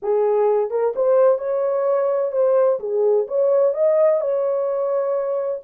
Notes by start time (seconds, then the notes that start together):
0.02 G#4
0.70 A#4
0.95 C5
1.38 C#5
2.32 C5
2.79 G#4
3.27 C#5
3.74 D#5
4.20 C#5